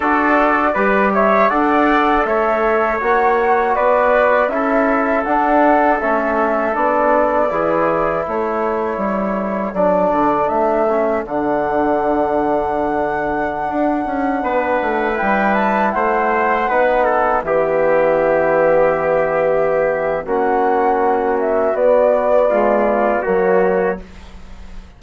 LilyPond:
<<
  \new Staff \with { instrumentName = "flute" } { \time 4/4 \tempo 4 = 80 d''4. e''8 fis''4 e''4 | fis''4 d''4 e''4 fis''4 | e''4 d''2 cis''4~ | cis''4 d''4 e''4 fis''4~ |
fis''1~ | fis''16 g''8 a''8 fis''2 e''8.~ | e''2. fis''4~ | fis''8 e''8 d''2 cis''4 | }
  \new Staff \with { instrumentName = "trumpet" } { \time 4/4 a'4 b'8 cis''8 d''4 cis''4~ | cis''4 b'4 a'2~ | a'2 gis'4 a'4~ | a'1~ |
a'2.~ a'16 b'8.~ | b'4~ b'16 c''4 b'8 a'8 g'8.~ | g'2. fis'4~ | fis'2 f'4 fis'4 | }
  \new Staff \with { instrumentName = "trombone" } { \time 4/4 fis'4 g'4 a'2 | fis'2 e'4 d'4 | cis'4 d'4 e'2~ | e'4 d'4. cis'8 d'4~ |
d'1~ | d'16 e'2 dis'4 b8.~ | b2. cis'4~ | cis'4 b4 gis4 ais4 | }
  \new Staff \with { instrumentName = "bassoon" } { \time 4/4 d'4 g4 d'4 a4 | ais4 b4 cis'4 d'4 | a4 b4 e4 a4 | g4 fis8 d8 a4 d4~ |
d2~ d16 d'8 cis'8 b8 a16~ | a16 g4 a4 b4 e8.~ | e2. ais4~ | ais4 b2 fis4 | }
>>